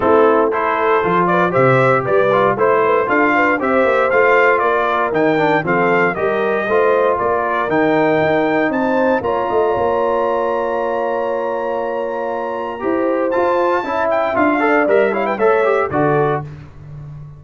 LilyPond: <<
  \new Staff \with { instrumentName = "trumpet" } { \time 4/4 \tempo 4 = 117 a'4 c''4. d''8 e''4 | d''4 c''4 f''4 e''4 | f''4 d''4 g''4 f''4 | dis''2 d''4 g''4~ |
g''4 a''4 ais''2~ | ais''1~ | ais''2 a''4. g''8 | f''4 e''8 f''16 g''16 e''4 d''4 | }
  \new Staff \with { instrumentName = "horn" } { \time 4/4 e'4 a'4. b'8 c''4 | b'4 c''8 b'8 a'8 b'8 c''4~ | c''4 ais'2 a'4 | ais'4 c''4 ais'2~ |
ais'4 c''4 cis''8 dis''8 cis''4~ | cis''1~ | cis''4 c''2 e''4~ | e''8 d''4 cis''16 b'16 cis''4 a'4 | }
  \new Staff \with { instrumentName = "trombone" } { \time 4/4 c'4 e'4 f'4 g'4~ | g'8 f'8 e'4 f'4 g'4 | f'2 dis'8 d'8 c'4 | g'4 f'2 dis'4~ |
dis'2 f'2~ | f'1~ | f'4 g'4 f'4 e'4 | f'8 a'8 ais'8 e'8 a'8 g'8 fis'4 | }
  \new Staff \with { instrumentName = "tuba" } { \time 4/4 a2 f4 c4 | g4 a4 d'4 c'8 ais8 | a4 ais4 dis4 f4 | g4 a4 ais4 dis4 |
dis'4 c'4 ais8 a8 ais4~ | ais1~ | ais4 e'4 f'4 cis'4 | d'4 g4 a4 d4 | }
>>